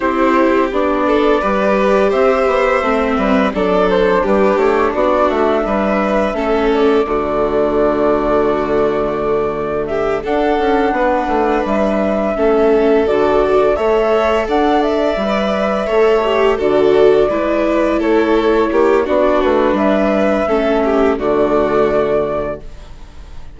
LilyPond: <<
  \new Staff \with { instrumentName = "flute" } { \time 4/4 \tempo 4 = 85 c''4 d''2 e''4~ | e''4 d''8 c''8 b'8 cis''8 d''8 e''8~ | e''4. d''2~ d''8~ | d''2 e''8 fis''4.~ |
fis''8 e''2 d''4 e''8~ | e''8 fis''8 e''2~ e''8 d''8~ | d''4. cis''4. d''8 b'8 | e''2 d''2 | }
  \new Staff \with { instrumentName = "violin" } { \time 4/4 g'4. a'8 b'4 c''4~ | c''8 b'8 a'4 g'4 fis'4 | b'4 a'4 fis'2~ | fis'2 g'8 a'4 b'8~ |
b'4. a'2 cis''8~ | cis''8 d''2 cis''4 a'8~ | a'8 b'4 a'4 g'8 fis'4 | b'4 a'8 g'8 fis'2 | }
  \new Staff \with { instrumentName = "viola" } { \time 4/4 e'4 d'4 g'2 | c'4 d'2.~ | d'4 cis'4 a2~ | a2~ a8 d'4.~ |
d'4. cis'4 fis'4 a'8~ | a'4. b'4 a'8 g'8 fis'8~ | fis'8 e'2~ e'8 d'4~ | d'4 cis'4 a2 | }
  \new Staff \with { instrumentName = "bassoon" } { \time 4/4 c'4 b4 g4 c'8 b8 | a8 g8 fis4 g8 a8 b8 a8 | g4 a4 d2~ | d2~ d8 d'8 cis'8 b8 |
a8 g4 a4 d4 a8~ | a8 d'4 g4 a4 d8~ | d8 gis4 a4 ais8 b8 a8 | g4 a4 d2 | }
>>